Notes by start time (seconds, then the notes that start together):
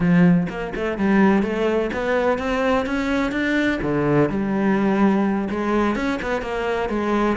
0.00 F3
0.49 A#3
0.75 A3
0.98 G3
1.42 A3
1.93 B3
2.38 C4
2.85 C#4
3.31 D4
3.82 D3
4.29 G3
5.49 G#3
5.95 C#4
6.22 B3
6.41 A#3
6.89 G#3